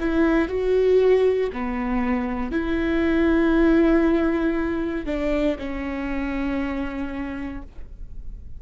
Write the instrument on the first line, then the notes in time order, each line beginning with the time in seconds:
viola
0.00 E4
0.49 F#4
1.53 B3
2.51 E4
5.06 D4
5.59 C#4